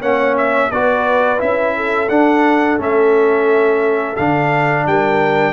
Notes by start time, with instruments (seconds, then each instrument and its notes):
0.00 tuba A#3, trombone C#4, horn C#5, trumpet F#5
0.38 trumpet E5
0.71 tuba B3, trombone F#4, horn B4, trumpet D5
1.38 tuba C#4, trombone E4, trumpet E5
1.76 horn A4
2.09 tuba D4, trombone D4, trumpet F#5
2.78 tuba A3, trombone C#4, trumpet E5
4.16 tuba D3, trombone D4, trumpet F5
4.86 tuba G3, horn A#4, trumpet G5